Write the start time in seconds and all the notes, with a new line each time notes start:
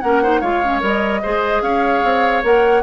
0.00 A#3 C#4 A#4 F#5
0.23 D#4 C5
0.40 G#3 F4 C#5 F5
0.63 C#4
0.81 G3 A#4 D#5
1.22 G#3 G#4 C5
1.62 C#4 C#5 F5
2.04 C4
2.43 A#3 A#4 F#5